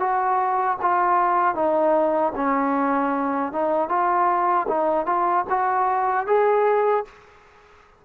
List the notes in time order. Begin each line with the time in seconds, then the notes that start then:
0.00 F#4
0.82 F4
1.55 D#4
2.36 C#4
3.53 D#4
3.89 F4
4.68 D#4
5.06 F4
5.50 F#4
6.27 G#4